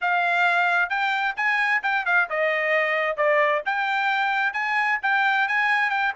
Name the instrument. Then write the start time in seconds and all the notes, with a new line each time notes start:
trumpet
0.01 F5
0.89 G5
1.36 G#5
1.82 G5
2.05 F5
2.29 D#5
3.16 D5
3.65 G5
4.53 G#5
5.02 G5
5.48 G#5
5.90 G5